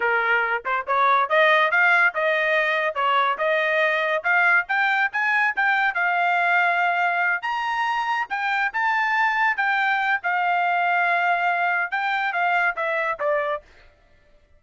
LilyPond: \new Staff \with { instrumentName = "trumpet" } { \time 4/4 \tempo 4 = 141 ais'4. c''8 cis''4 dis''4 | f''4 dis''2 cis''4 | dis''2 f''4 g''4 | gis''4 g''4 f''2~ |
f''4. ais''2 g''8~ | g''8 a''2 g''4. | f''1 | g''4 f''4 e''4 d''4 | }